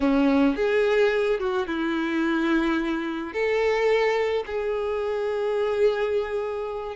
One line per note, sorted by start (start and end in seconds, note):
0.00 0.56 C#4
0.56 1.39 G#4
1.39 1.67 F#4
1.67 3.33 E4
3.33 4.44 A4
4.46 6.95 G#4